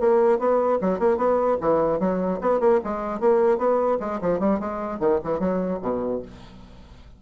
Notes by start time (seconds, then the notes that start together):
0.00 A#3
0.39 B3
0.81 F#3
0.99 A#3
1.17 B3
1.61 E3
2.00 F#3
2.41 B3
2.60 A#3
2.84 G#3
3.20 A#3
3.58 B3
4.00 G#3
4.21 F3
4.39 G3
4.59 G#3
4.99 D#3
5.24 E3
5.40 F#3
5.82 B2